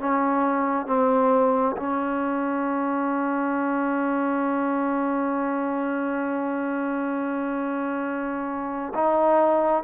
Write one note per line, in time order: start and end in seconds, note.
0.00 0.87 C#4
0.87 1.76 C4
1.77 8.93 C#4
8.95 9.84 D#4